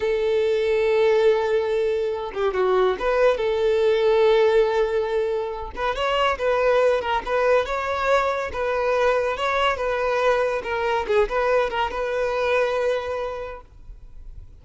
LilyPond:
\new Staff \with { instrumentName = "violin" } { \time 4/4 \tempo 4 = 141 a'1~ | a'4. g'8 fis'4 b'4 | a'1~ | a'4. b'8 cis''4 b'4~ |
b'8 ais'8 b'4 cis''2 | b'2 cis''4 b'4~ | b'4 ais'4 gis'8 b'4 ais'8 | b'1 | }